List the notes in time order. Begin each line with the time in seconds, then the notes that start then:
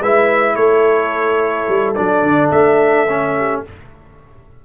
0.00 G#3 E4 B4 E5
0.55 A3 A4 C#5
1.68 G3
1.94 F#3 D4 D5
2.23 D3
2.51 A3 E5
3.09 C#4
3.37 G4